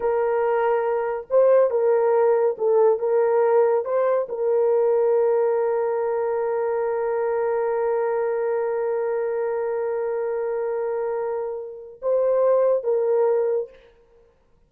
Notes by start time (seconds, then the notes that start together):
0.00 A#4
1.30 C5
1.70 A#4
2.58 A4
2.99 A#4
3.85 C5
4.29 A#4
12.02 C5
12.83 A#4